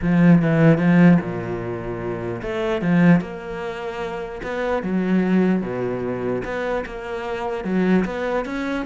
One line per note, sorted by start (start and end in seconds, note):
0.01 0.42 F3
0.42 0.77 E3
0.77 1.18 F3
1.20 2.41 A#2
2.41 2.81 A3
2.81 3.20 F3
3.20 4.41 A#3
4.42 4.82 B3
4.82 5.62 F#3
5.62 6.42 B2
6.44 6.84 B3
6.85 7.64 A#3
7.64 8.04 F#3
8.05 8.45 B3
8.45 8.85 C#4